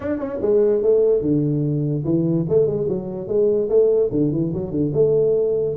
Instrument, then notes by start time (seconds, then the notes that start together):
tuba
0.00 D4
0.18 C#4
0.41 G#3
0.82 A3
1.21 D3
2.04 E3
2.48 A3
2.66 G#3
2.88 F#3
3.27 G#3
3.69 A3
4.11 D3
4.32 E3
4.53 F#3
4.71 D3
4.93 A3